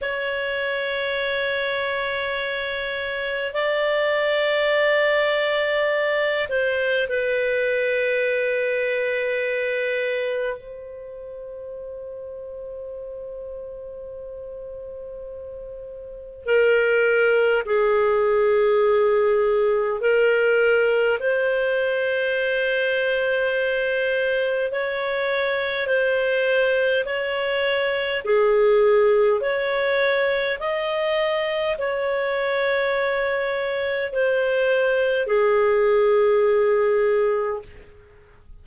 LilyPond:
\new Staff \with { instrumentName = "clarinet" } { \time 4/4 \tempo 4 = 51 cis''2. d''4~ | d''4. c''8 b'2~ | b'4 c''2.~ | c''2 ais'4 gis'4~ |
gis'4 ais'4 c''2~ | c''4 cis''4 c''4 cis''4 | gis'4 cis''4 dis''4 cis''4~ | cis''4 c''4 gis'2 | }